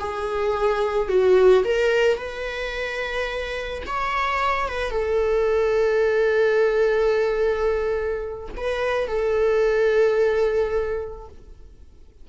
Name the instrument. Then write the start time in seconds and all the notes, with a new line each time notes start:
viola
0.00 G#4
1.09 F#4
1.65 A#4
2.18 B4
3.87 C#5
4.69 B4
4.91 A4
8.57 B4
9.08 A4